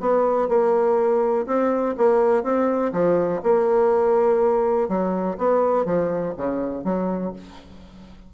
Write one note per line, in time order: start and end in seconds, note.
0.00 0.48 B3
0.48 1.46 A#3
1.46 1.95 C4
1.97 2.43 A#3
2.43 2.92 C4
2.92 3.41 F3
3.43 4.88 A#3
4.88 5.37 F#3
5.37 5.85 B3
5.85 6.34 F3
6.37 6.84 C#3
6.84 7.33 F#3